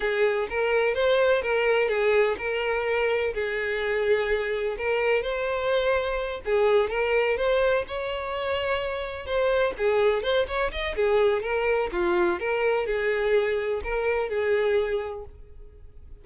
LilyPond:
\new Staff \with { instrumentName = "violin" } { \time 4/4 \tempo 4 = 126 gis'4 ais'4 c''4 ais'4 | gis'4 ais'2 gis'4~ | gis'2 ais'4 c''4~ | c''4. gis'4 ais'4 c''8~ |
c''8 cis''2. c''8~ | c''8 gis'4 c''8 cis''8 dis''8 gis'4 | ais'4 f'4 ais'4 gis'4~ | gis'4 ais'4 gis'2 | }